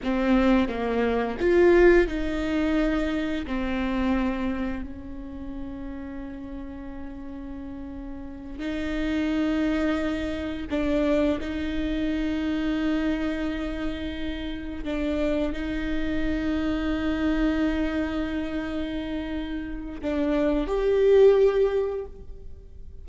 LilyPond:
\new Staff \with { instrumentName = "viola" } { \time 4/4 \tempo 4 = 87 c'4 ais4 f'4 dis'4~ | dis'4 c'2 cis'4~ | cis'1~ | cis'8 dis'2. d'8~ |
d'8 dis'2.~ dis'8~ | dis'4. d'4 dis'4.~ | dis'1~ | dis'4 d'4 g'2 | }